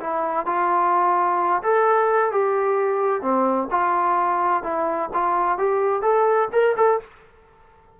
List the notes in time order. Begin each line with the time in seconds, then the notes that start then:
0.00 E4
0.46 F4
1.63 A4
2.31 G4
3.21 C4
3.71 F4
4.63 E4
5.14 F4
5.58 G4
6.02 A4
6.52 A#4
6.77 A4